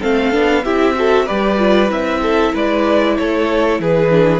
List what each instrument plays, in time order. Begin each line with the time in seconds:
0.00 cello A3, viola C4, violin A4 F5
0.32 cello B3, viola D4
0.64 cello C4, viola E4, violin G4 E5
0.95 viola F#4, violin A4
1.25 cello G3, viola G4, violin B4 D5
1.58 viola F4
1.88 cello C4, viola E4, violin E5
2.22 violin A4
2.53 cello G#3, violin B4 D5
3.17 cello A3, violin A4 C#5
3.79 cello E3, violin G#4 B4
4.10 viola D4